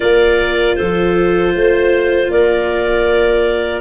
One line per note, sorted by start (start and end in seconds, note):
0.00 0.78 A#3
0.00 3.81 F4
0.00 0.76 A#4
0.00 0.75 D5
0.75 1.54 F3
0.75 1.54 A4
0.75 2.29 C5
1.54 2.28 A3
1.54 2.31 C5
2.28 3.81 A#3
2.28 3.81 A#4
2.28 3.81 D5